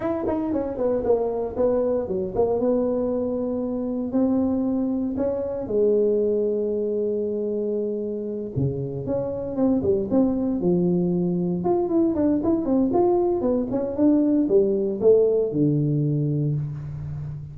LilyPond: \new Staff \with { instrumentName = "tuba" } { \time 4/4 \tempo 4 = 116 e'8 dis'8 cis'8 b8 ais4 b4 | fis8 ais8 b2. | c'2 cis'4 gis4~ | gis1~ |
gis8 cis4 cis'4 c'8 g8 c'8~ | c'8 f2 f'8 e'8 d'8 | e'8 c'8 f'4 b8 cis'8 d'4 | g4 a4 d2 | }